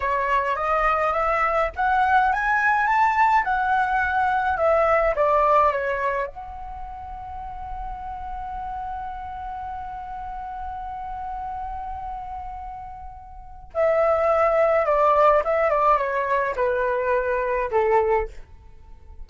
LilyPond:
\new Staff \with { instrumentName = "flute" } { \time 4/4 \tempo 4 = 105 cis''4 dis''4 e''4 fis''4 | gis''4 a''4 fis''2 | e''4 d''4 cis''4 fis''4~ | fis''1~ |
fis''1~ | fis''1 | e''2 d''4 e''8 d''8 | cis''4 b'2 a'4 | }